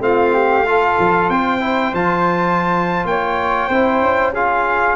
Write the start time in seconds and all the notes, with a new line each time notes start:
0.00 A3 C4 F4 F5
0.34 G4
0.66 F4 A4
0.99 F3
1.30 C4 C5 G5
1.61 E4
1.93 F3 F4 A5
3.05 A#3 C#5 G5
3.69 C4 E4 C5
4.01 C#4
4.34 F4 G#4 F5